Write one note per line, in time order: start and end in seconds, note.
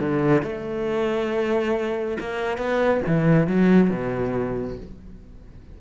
0.00 0.43 D3
0.43 2.18 A3
2.20 2.58 A#3
2.58 3.02 B3
3.07 3.48 E3
3.48 3.90 F#3
3.90 4.78 B2